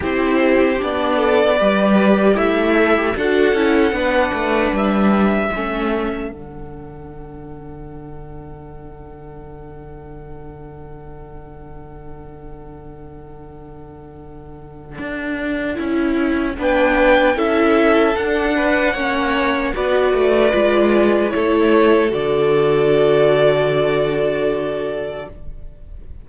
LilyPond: <<
  \new Staff \with { instrumentName = "violin" } { \time 4/4 \tempo 4 = 76 c''4 d''2 e''4 | fis''2 e''2 | fis''1~ | fis''1~ |
fis''1~ | fis''4 g''4 e''4 fis''4~ | fis''4 d''2 cis''4 | d''1 | }
  \new Staff \with { instrumentName = "violin" } { \time 4/4 g'4. a'8 b'4 e'4 | a'4 b'2 a'4~ | a'1~ | a'1~ |
a'1~ | a'4 b'4 a'4. b'8 | cis''4 b'2 a'4~ | a'1 | }
  \new Staff \with { instrumentName = "viola" } { \time 4/4 e'4 d'4 g'4. a'16 g'16 | fis'8 e'8 d'2 cis'4 | d'1~ | d'1~ |
d'1 | e'4 d'4 e'4 d'4 | cis'4 fis'4 f'4 e'4 | fis'1 | }
  \new Staff \with { instrumentName = "cello" } { \time 4/4 c'4 b4 g4 a4 | d'8 cis'8 b8 a8 g4 a4 | d1~ | d1~ |
d2. d'4 | cis'4 b4 cis'4 d'4 | ais4 b8 a8 gis4 a4 | d1 | }
>>